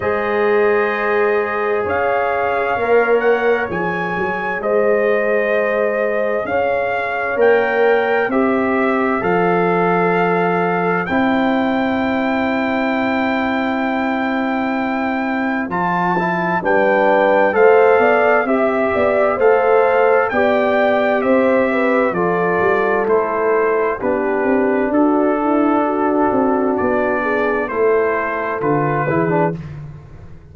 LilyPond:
<<
  \new Staff \with { instrumentName = "trumpet" } { \time 4/4 \tempo 4 = 65 dis''2 f''4. fis''8 | gis''4 dis''2 f''4 | g''4 e''4 f''2 | g''1~ |
g''4 a''4 g''4 f''4 | e''4 f''4 g''4 e''4 | d''4 c''4 b'4 a'4~ | a'4 d''4 c''4 b'4 | }
  \new Staff \with { instrumentName = "horn" } { \time 4/4 c''2 cis''2~ | cis''4 c''2 cis''4~ | cis''4 c''2.~ | c''1~ |
c''2 b'4 c''8 d''8 | e''8 d''8 c''4 d''4 c''8 b'8 | a'2 g'4 fis'8 e'8 | fis'4. gis'8 a'4. gis'8 | }
  \new Staff \with { instrumentName = "trombone" } { \time 4/4 gis'2. ais'4 | gis'1 | ais'4 g'4 a'2 | e'1~ |
e'4 f'8 e'8 d'4 a'4 | g'4 a'4 g'2 | f'4 e'4 d'2~ | d'2 e'4 f'8 e'16 d'16 | }
  \new Staff \with { instrumentName = "tuba" } { \time 4/4 gis2 cis'4 ais4 | f8 fis8 gis2 cis'4 | ais4 c'4 f2 | c'1~ |
c'4 f4 g4 a8 b8 | c'8 b8 a4 b4 c'4 | f8 g8 a4 b8 c'8 d'4~ | d'8 c'8 b4 a4 d8 e8 | }
>>